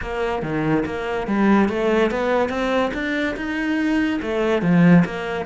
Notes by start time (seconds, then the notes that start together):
0.01 A#3
0.42 D#3
0.85 A#3
1.27 G3
1.68 A3
2.10 B3
2.49 C4
2.93 D4
3.36 D#4
4.21 A3
4.62 F3
5.05 A#3